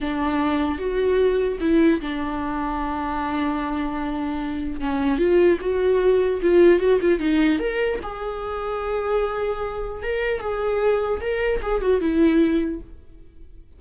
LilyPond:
\new Staff \with { instrumentName = "viola" } { \time 4/4 \tempo 4 = 150 d'2 fis'2 | e'4 d'2.~ | d'1 | cis'4 f'4 fis'2 |
f'4 fis'8 f'8 dis'4 ais'4 | gis'1~ | gis'4 ais'4 gis'2 | ais'4 gis'8 fis'8 e'2 | }